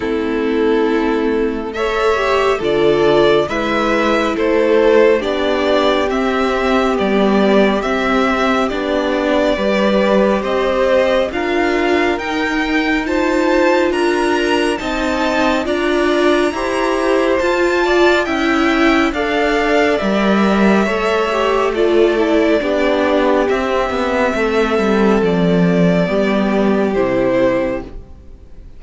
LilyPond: <<
  \new Staff \with { instrumentName = "violin" } { \time 4/4 \tempo 4 = 69 a'2 e''4 d''4 | e''4 c''4 d''4 e''4 | d''4 e''4 d''2 | dis''4 f''4 g''4 a''4 |
ais''4 a''4 ais''2 | a''4 g''4 f''4 e''4~ | e''4 d''2 e''4~ | e''4 d''2 c''4 | }
  \new Staff \with { instrumentName = "violin" } { \time 4/4 e'2 cis''4 a'4 | b'4 a'4 g'2~ | g'2. b'4 | c''4 ais'2 c''4 |
ais'4 dis''4 d''4 c''4~ | c''8 d''8 e''4 d''2 | cis''4 a'4 g'2 | a'2 g'2 | }
  \new Staff \with { instrumentName = "viola" } { \time 4/4 c'2 a'8 g'8 f'4 | e'2 d'4 c'4 | b4 c'4 d'4 g'4~ | g'4 f'4 dis'4 f'4~ |
f'4 dis'4 f'4 g'4 | f'4 e'4 a'4 ais'4 | a'8 g'8 f'8 e'8 d'4 c'4~ | c'2 b4 e'4 | }
  \new Staff \with { instrumentName = "cello" } { \time 4/4 a2. d4 | gis4 a4 b4 c'4 | g4 c'4 b4 g4 | c'4 d'4 dis'2 |
d'4 c'4 d'4 e'4 | f'4 cis'4 d'4 g4 | a2 b4 c'8 b8 | a8 g8 f4 g4 c4 | }
>>